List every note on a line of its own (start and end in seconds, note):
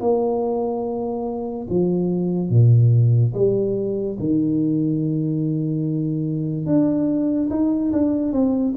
0.00 1.67 A#3
1.69 2.49 F3
2.49 3.33 A#2
3.34 4.17 G3
4.19 6.66 D#3
6.66 7.49 D4
7.50 7.91 D#4
7.92 8.32 D4
8.32 8.74 C4